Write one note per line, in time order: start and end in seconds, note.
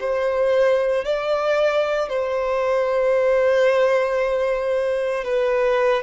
0.00 1.05 C5
1.05 2.09 D5
2.09 5.25 C5
5.25 6.03 B4